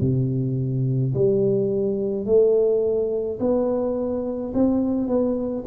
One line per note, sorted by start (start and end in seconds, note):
0.00 1.13 C3
1.14 2.25 G3
2.25 3.39 A3
3.40 4.53 B3
4.54 5.07 C4
5.07 5.64 B3